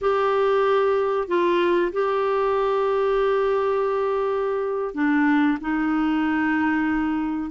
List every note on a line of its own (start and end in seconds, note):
0.01 1.28 G4
1.28 1.91 F4
1.92 4.94 G4
4.94 5.58 D4
5.60 7.50 D#4